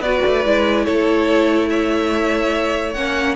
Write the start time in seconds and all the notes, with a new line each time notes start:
0.00 B3 F#4 B4 D5
0.26 A3
0.45 G#3 E4
0.85 A3 A4 C#5
1.69 C#5 E5
2.93 A#3 C#4 F#5